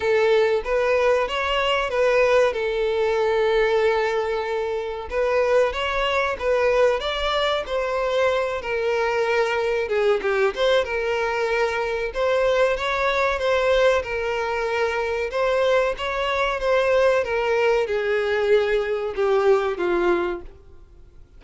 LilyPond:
\new Staff \with { instrumentName = "violin" } { \time 4/4 \tempo 4 = 94 a'4 b'4 cis''4 b'4 | a'1 | b'4 cis''4 b'4 d''4 | c''4. ais'2 gis'8 |
g'8 c''8 ais'2 c''4 | cis''4 c''4 ais'2 | c''4 cis''4 c''4 ais'4 | gis'2 g'4 f'4 | }